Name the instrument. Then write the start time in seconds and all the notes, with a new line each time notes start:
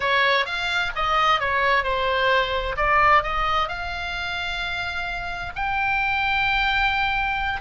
oboe
0.00 C#5
0.45 F5
0.95 D#5
1.40 C#5
1.83 C5
2.77 D5
3.22 D#5
3.68 F5
5.55 G5